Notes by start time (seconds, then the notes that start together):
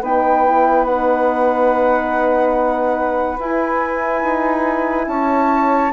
0.00 B3 D#4 B4 G5
0.46 E4
0.85 D#4 F#5
3.38 E4 G#5
4.23 D#4
5.07 C#4 C#5 A5